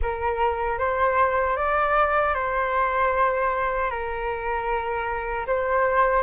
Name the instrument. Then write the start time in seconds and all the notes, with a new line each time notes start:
flute
0.02 A#4
0.78 C5
1.56 D5
2.34 C5
3.90 A#4
5.47 C5